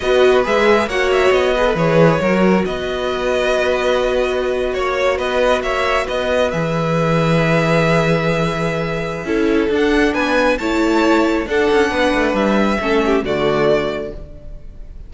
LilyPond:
<<
  \new Staff \with { instrumentName = "violin" } { \time 4/4 \tempo 4 = 136 dis''4 e''4 fis''8 e''8 dis''4 | cis''2 dis''2~ | dis''2~ dis''8. cis''4 dis''16~ | dis''8. e''4 dis''4 e''4~ e''16~ |
e''1~ | e''2 fis''4 gis''4 | a''2 fis''2 | e''2 d''2 | }
  \new Staff \with { instrumentName = "violin" } { \time 4/4 b'2 cis''4. b'8~ | b'4 ais'4 b'2~ | b'2~ b'8. cis''4 b'16~ | b'8. cis''4 b'2~ b'16~ |
b'1~ | b'4 a'2 b'4 | cis''2 a'4 b'4~ | b'4 a'8 g'8 fis'2 | }
  \new Staff \with { instrumentName = "viola" } { \time 4/4 fis'4 gis'4 fis'4. gis'16 a'16 | gis'4 fis'2.~ | fis'1~ | fis'2~ fis'8. gis'4~ gis'16~ |
gis'1~ | gis'4 e'4 d'2 | e'2 d'2~ | d'4 cis'4 a2 | }
  \new Staff \with { instrumentName = "cello" } { \time 4/4 b4 gis4 ais4 b4 | e4 fis4 b2~ | b2~ b8. ais4 b16~ | b8. ais4 b4 e4~ e16~ |
e1~ | e4 cis'4 d'4 b4 | a2 d'8 cis'8 b8 a8 | g4 a4 d2 | }
>>